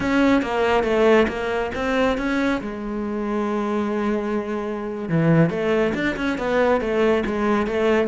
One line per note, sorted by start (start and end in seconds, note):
0.00 0.42 C#4
0.42 0.83 A#3
0.83 1.26 A3
1.28 1.71 A#3
1.74 2.17 C4
2.17 2.61 C#4
2.61 5.08 G#3
5.08 5.50 E3
5.50 5.93 A3
5.94 6.15 D4
6.16 6.38 C#4
6.38 6.80 B3
6.80 7.23 A3
7.25 7.67 G#3
7.67 8.07 A3